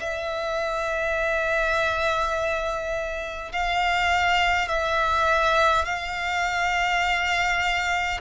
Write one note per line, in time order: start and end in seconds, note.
0.00 3.52 E5
3.52 4.68 F5
4.68 5.86 E5
5.86 8.21 F5